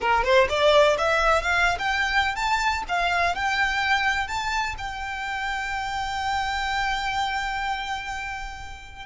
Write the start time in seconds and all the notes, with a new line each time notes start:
0.01 A#4
0.23 C5
0.49 D5
0.98 E5
1.42 F5
1.78 G5
2.35 A5
2.88 F5
3.35 G5
4.27 A5
4.78 G5